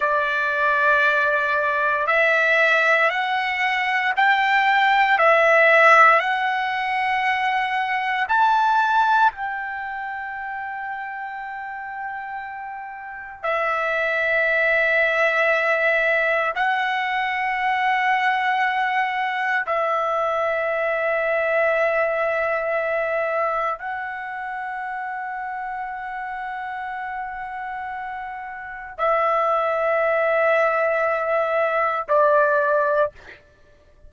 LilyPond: \new Staff \with { instrumentName = "trumpet" } { \time 4/4 \tempo 4 = 58 d''2 e''4 fis''4 | g''4 e''4 fis''2 | a''4 g''2.~ | g''4 e''2. |
fis''2. e''4~ | e''2. fis''4~ | fis''1 | e''2. d''4 | }